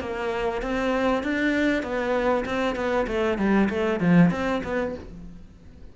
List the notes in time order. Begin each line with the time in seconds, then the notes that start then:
0.00 A#3
0.62 C4
1.23 D4
1.83 B3
2.45 C4
2.76 B3
3.07 A3
3.38 G3
3.70 A3
4.00 F3
4.31 C4
4.64 B3